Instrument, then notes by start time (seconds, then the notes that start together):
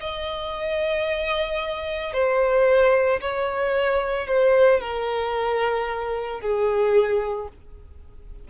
violin
0.00 D#5
2.13 C5
3.21 C#5
4.28 C5
4.80 A#4
6.41 G#4